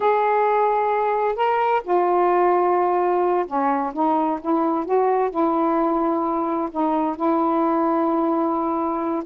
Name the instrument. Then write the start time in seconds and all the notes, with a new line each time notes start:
saxophone
0.00 G#4
1.35 A#4
1.84 F4
3.46 C#4
3.93 D#4
4.41 E4
4.85 F#4
5.30 E4
6.71 D#4
7.15 E4